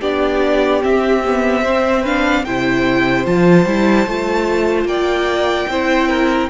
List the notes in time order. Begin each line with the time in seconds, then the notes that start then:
0.00 B3 D4 G4 D5
0.81 C4 E5
1.25 B3
1.61 C4 C5
2.02 D4 B4 F5
2.44 C3 E4 C5 G5
3.25 F3 F4 A5
3.65 G3 E4
4.06 A3 F4
4.84 A#3 D5 G5
5.68 C4 E4 C5
6.08 A#4